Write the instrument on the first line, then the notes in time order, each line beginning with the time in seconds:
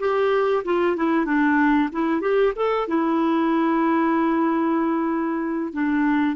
clarinet
0.00 G4
0.65 F4
0.97 E4
1.26 D4
1.93 E4
2.22 G4
2.56 A4
2.88 E4
5.74 D4